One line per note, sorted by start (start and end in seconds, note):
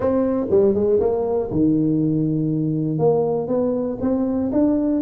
0.00 0.46 C4
0.50 0.74 G3
0.74 0.99 G#3
1.00 1.50 A#3
1.51 2.98 D#3
2.98 3.47 A#3
3.47 3.97 B3
4.00 4.50 C4
4.52 5.01 D4